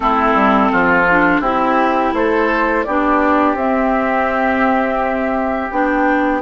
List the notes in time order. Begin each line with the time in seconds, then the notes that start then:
0.00 A3 C4 E4 A4
0.34 G3
0.72 F3 F4
1.10 D4
1.40 C4 E4 G4
2.13 A3 A4 C5
2.84 B3 D4 G4 D5
3.54 C4 E5
5.70 B3 D4 G5